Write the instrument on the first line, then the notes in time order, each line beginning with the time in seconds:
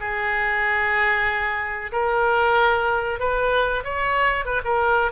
oboe
0.00 G#4
1.92 A#4
3.19 B4
3.84 C#5
4.45 B4
4.64 A#4